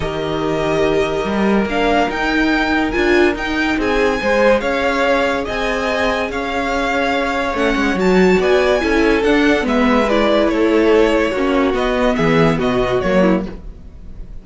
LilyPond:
<<
  \new Staff \with { instrumentName = "violin" } { \time 4/4 \tempo 4 = 143 dis''1 | f''4 g''2 gis''4 | g''4 gis''2 f''4~ | f''4 gis''2 f''4~ |
f''2 fis''4 a''4 | gis''2 fis''4 e''4 | d''4 cis''2. | dis''4 e''4 dis''4 cis''4 | }
  \new Staff \with { instrumentName = "violin" } { \time 4/4 ais'1~ | ais'1~ | ais'4 gis'4 c''4 cis''4~ | cis''4 dis''2 cis''4~ |
cis''1 | d''4 a'2 b'4~ | b'4 a'2 fis'4~ | fis'4 gis'4 fis'4. e'8 | }
  \new Staff \with { instrumentName = "viola" } { \time 4/4 g'1 | d'4 dis'2 f'4 | dis'2 gis'2~ | gis'1~ |
gis'2 cis'4 fis'4~ | fis'4 e'4 d'4 b4 | e'2. cis'4 | b2. ais4 | }
  \new Staff \with { instrumentName = "cello" } { \time 4/4 dis2. g4 | ais4 dis'2 d'4 | dis'4 c'4 gis4 cis'4~ | cis'4 c'2 cis'4~ |
cis'2 a8 gis8 fis4 | b4 cis'4 d'4 gis4~ | gis4 a2 ais4 | b4 e4 b,4 fis4 | }
>>